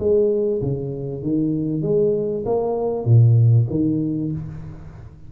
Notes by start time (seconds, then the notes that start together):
0.00 G#3
0.62 C#3
1.23 D#3
1.83 G#3
2.46 A#3
3.05 A#2
3.70 D#3